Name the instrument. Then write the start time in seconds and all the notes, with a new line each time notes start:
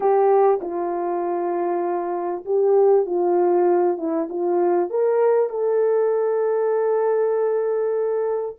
horn
0.00 G4
0.61 F4
2.45 G4
3.06 F4
3.97 E4
4.29 F4
4.90 A#4
5.49 A4